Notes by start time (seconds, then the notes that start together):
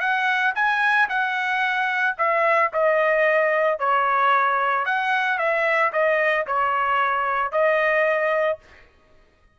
0.00 F#5
0.55 G#5
1.09 F#5
2.18 E5
2.73 D#5
3.79 C#5
4.85 F#5
5.38 E5
5.92 D#5
6.47 C#5
7.51 D#5